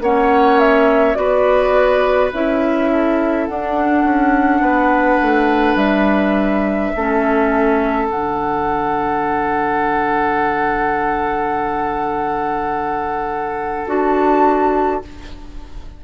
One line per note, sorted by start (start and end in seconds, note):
0.00 1.15 A#3
0.00 1.15 C#4
0.00 1.18 C#5
0.00 0.59 F#5
0.59 1.14 E5
1.14 2.32 B3
1.14 2.31 F#4
1.14 2.91 B4
1.14 2.30 D5
2.32 3.48 C#4
2.32 3.49 E4
2.32 3.47 E5
2.91 4.61 A4
3.47 6.95 D4
3.47 4.04 D4
3.47 5.76 F#5
4.04 4.61 C#4
4.61 5.18 B3
4.61 6.92 B4
5.22 5.75 A3
5.75 6.91 G3
5.75 8.07 E5
6.95 8.11 A3
6.95 8.09 C#4
6.95 15.03 A4
8.09 13.86 D3
8.09 13.86 D4
8.09 13.87 F#5
13.86 15.02 D4
13.86 15.02 F#4
13.86 15.04 A5